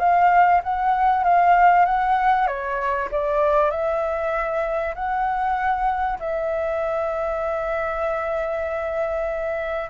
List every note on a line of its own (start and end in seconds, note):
0.00 0.62 F5
0.64 1.24 F#5
1.24 1.86 F5
1.86 2.47 F#5
2.47 3.09 C#5
3.12 3.71 D5
3.71 4.95 E5
4.95 6.19 F#5
6.20 9.91 E5